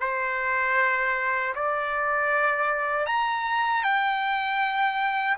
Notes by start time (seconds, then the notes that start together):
0.00 C5
1.55 D5
3.06 A#5
3.83 G5